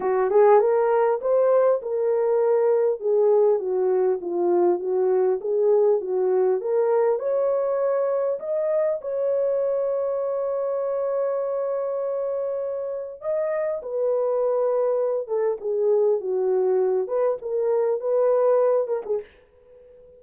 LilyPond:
\new Staff \with { instrumentName = "horn" } { \time 4/4 \tempo 4 = 100 fis'8 gis'8 ais'4 c''4 ais'4~ | ais'4 gis'4 fis'4 f'4 | fis'4 gis'4 fis'4 ais'4 | cis''2 dis''4 cis''4~ |
cis''1~ | cis''2 dis''4 b'4~ | b'4. a'8 gis'4 fis'4~ | fis'8 b'8 ais'4 b'4. ais'16 gis'16 | }